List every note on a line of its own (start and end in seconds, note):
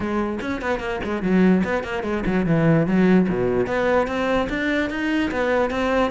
0.00 0.39 G#3
0.41 0.61 C#4
0.61 0.79 B3
0.79 1.00 A#3
1.04 1.22 G#3
1.22 1.63 F#3
1.64 1.83 B3
1.83 2.03 A#3
2.03 2.23 G#3
2.26 2.46 F#3
2.46 2.86 E3
2.86 3.27 F#3
3.28 3.66 B2
3.66 4.07 B3
4.07 4.47 C4
4.49 4.90 D4
4.90 5.30 D#4
5.31 5.70 B3
5.70 6.11 C4